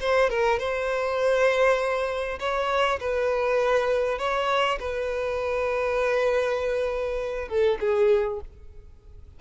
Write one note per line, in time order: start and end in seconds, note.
0.00 0.29 C5
0.29 0.59 A#4
0.59 2.39 C5
2.39 2.99 C#5
3.00 4.18 B4
4.18 4.78 C#5
4.79 7.48 B4
7.48 7.78 A4
7.80 8.40 G#4